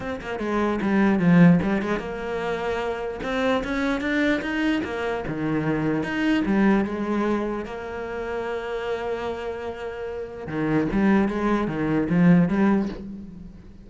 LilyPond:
\new Staff \with { instrumentName = "cello" } { \time 4/4 \tempo 4 = 149 c'8 ais8 gis4 g4 f4 | g8 gis8 ais2. | c'4 cis'4 d'4 dis'4 | ais4 dis2 dis'4 |
g4 gis2 ais4~ | ais1~ | ais2 dis4 g4 | gis4 dis4 f4 g4 | }